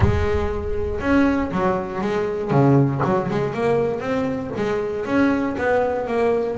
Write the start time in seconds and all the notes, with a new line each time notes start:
0.00 G#3
1.00 C#4
1.51 F#3
2.01 G#3
2.50 C#3
3.04 F#3
3.30 G#3
3.53 A#3
3.99 C4
4.56 G#3
5.05 C#4
5.58 B3
6.07 A#3